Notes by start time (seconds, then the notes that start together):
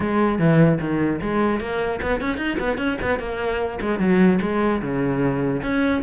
0.00 G#3
0.39 E3
0.80 D#3
1.21 G#3
1.60 A#3
2.02 B3
2.20 C#4
2.37 D#4
2.59 B3
2.77 C#4
3.01 B3
3.19 A#3
3.81 G#3
3.99 F#3
4.41 G#3
4.82 C#3
5.62 C#4